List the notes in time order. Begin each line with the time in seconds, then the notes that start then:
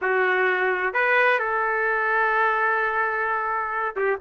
0.01 F#4
0.93 B4
1.39 A4
3.96 G4